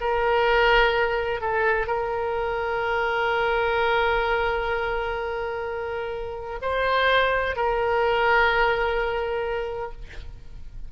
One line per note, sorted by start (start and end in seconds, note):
0.00 1.40 A#4
1.40 1.86 A4
1.86 6.59 A#4
6.61 7.55 C5
7.55 9.92 A#4